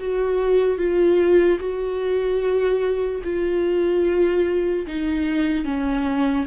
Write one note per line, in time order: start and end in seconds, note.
0.00 0.78 F#4
0.78 1.59 F4
1.60 3.22 F#4
3.24 4.86 F4
4.87 5.65 D#4
5.65 6.46 C#4